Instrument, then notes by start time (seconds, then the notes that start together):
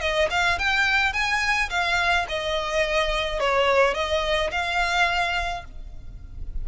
violin
0.00 D#5
0.30 F5
0.58 G5
1.12 G#5
1.69 F5
2.28 D#5
3.40 C#5
3.94 D#5
4.51 F5